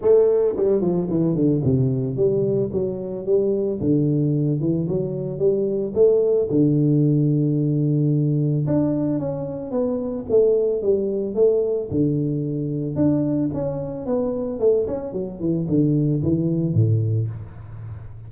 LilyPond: \new Staff \with { instrumentName = "tuba" } { \time 4/4 \tempo 4 = 111 a4 g8 f8 e8 d8 c4 | g4 fis4 g4 d4~ | d8 e8 fis4 g4 a4 | d1 |
d'4 cis'4 b4 a4 | g4 a4 d2 | d'4 cis'4 b4 a8 cis'8 | fis8 e8 d4 e4 a,4 | }